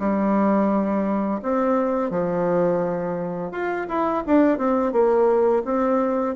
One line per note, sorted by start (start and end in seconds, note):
0.00 1.41 G3
1.43 2.11 C4
2.11 3.52 F3
3.52 3.88 F4
3.89 4.24 E4
4.27 4.59 D4
4.59 4.93 C4
4.93 5.63 A#3
5.65 6.36 C4